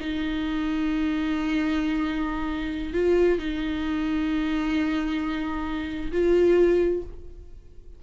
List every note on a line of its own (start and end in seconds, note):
0.00 2.94 D#4
2.94 3.39 F4
3.39 6.12 D#4
6.12 7.03 F4